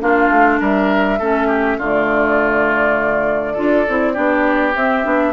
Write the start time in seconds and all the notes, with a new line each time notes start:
0.00 A#3 D4 F4 F5
0.29 A3
0.60 G3 A#4 E5
1.18 A3 C#4 A4
1.47 G4
1.77 D3 A3 F4 D5
3.53 D4 F4 A4
3.88 C4 E4
4.13 B3 D4 G4
4.74 C4 E5
5.03 B3 D4